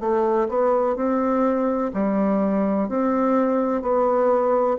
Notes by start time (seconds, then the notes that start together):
0.00 A3
0.49 B3
0.96 C4
1.94 G3
2.89 C4
3.82 B3